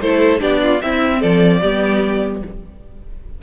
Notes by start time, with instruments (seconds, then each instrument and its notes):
0.00 cello A3, viola E4, violin A4 C5
0.39 cello B3, viola D4, violin G4 D5
0.63 violin F4
0.81 viola C4, cello C4, violin E4 E5
1.20 cello F3, violin A4 D5
1.61 cello G3, viola B3, violin G4